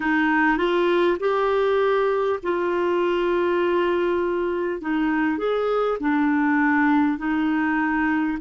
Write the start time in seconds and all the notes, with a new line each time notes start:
0.00 D#4
0.57 F4
1.19 G4
2.42 F4
4.81 D#4
5.38 G#4
6.00 D4
7.18 D#4